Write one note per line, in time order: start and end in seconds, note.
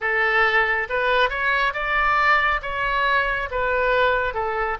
0.00 0.87 A4
0.89 1.29 B4
1.29 1.73 C#5
1.74 2.60 D5
2.62 3.49 C#5
3.51 4.34 B4
4.34 4.77 A4